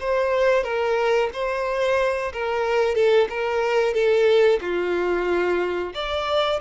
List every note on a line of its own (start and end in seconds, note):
0.00 0.64 C5
0.64 1.29 A#4
1.33 2.32 C5
2.33 2.95 A#4
2.95 3.28 A4
3.29 3.94 A#4
3.94 4.59 A4
4.61 5.93 F4
5.94 6.60 D5